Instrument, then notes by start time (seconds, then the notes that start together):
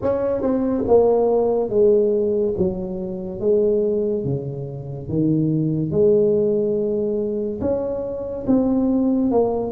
tuba
0.02 C#4
0.41 C4
0.87 A#3
1.69 G#3
2.58 F#3
3.40 G#3
4.24 C#3
5.09 D#3
5.91 G#3
7.61 C#4
8.47 C4
9.31 A#3